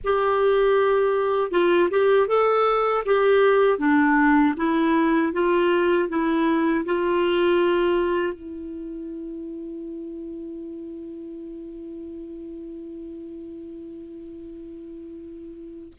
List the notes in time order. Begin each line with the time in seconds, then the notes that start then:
0.04 G4
1.51 F4
1.90 G4
2.28 A4
3.05 G4
3.78 D4
4.56 E4
5.33 F4
6.08 E4
6.85 F4
8.33 E4